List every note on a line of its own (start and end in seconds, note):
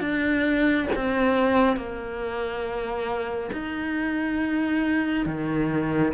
0.00 0.87 D4
0.95 1.76 C4
1.76 3.50 A#3
3.53 5.26 D#4
5.26 6.13 D#3